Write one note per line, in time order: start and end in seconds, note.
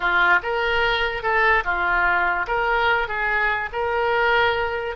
0.00 0.39 F4
0.43 1.22 A#4
1.22 1.63 A4
1.64 2.46 F4
2.47 3.07 A#4
3.07 3.69 G#4
3.72 4.95 A#4